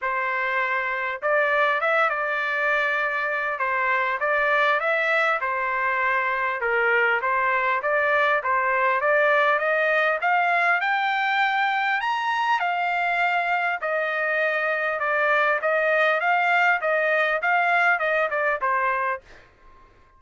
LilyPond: \new Staff \with { instrumentName = "trumpet" } { \time 4/4 \tempo 4 = 100 c''2 d''4 e''8 d''8~ | d''2 c''4 d''4 | e''4 c''2 ais'4 | c''4 d''4 c''4 d''4 |
dis''4 f''4 g''2 | ais''4 f''2 dis''4~ | dis''4 d''4 dis''4 f''4 | dis''4 f''4 dis''8 d''8 c''4 | }